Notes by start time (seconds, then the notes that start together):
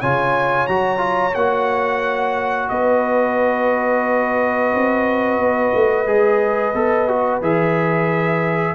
0.00 C#3 F4 C#5 G#5
0.67 F#3 F#4 A#5
0.97 F4
1.34 A#3 F#4 F#5
2.69 B3 B4 D#5
4.74 C4
5.38 B3
5.74 A3
6.06 G#3 G#4
6.74 B3 A4
7.08 F#4
7.41 E3 G#4 E5